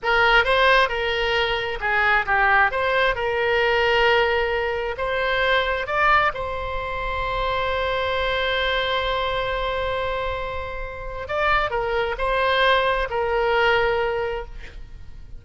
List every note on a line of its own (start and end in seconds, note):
0.02 0.44 A#4
0.44 0.88 C5
0.88 1.78 A#4
1.80 2.25 G#4
2.26 2.71 G4
2.71 3.15 C5
3.15 4.95 A#4
4.97 5.86 C5
5.86 6.32 D5
6.34 11.28 C5
11.28 11.70 D5
11.70 12.15 A#4
12.18 13.08 C5
13.09 14.45 A#4